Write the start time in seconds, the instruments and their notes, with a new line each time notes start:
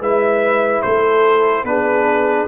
0.00 tuba G#3, trombone E4, horn B4, trumpet E5
0.82 tuba A3, horn A4, trumpet C5
1.63 tuba B3, trombone D4, horn G#4, trumpet B4